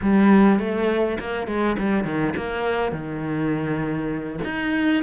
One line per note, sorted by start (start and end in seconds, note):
0.02 0.59 G3
0.59 1.18 A3
1.19 1.47 A#3
1.47 1.76 G#3
1.78 2.04 G3
2.04 2.33 D#3
2.36 2.92 A#3
2.92 4.39 D#3
4.44 5.03 D#4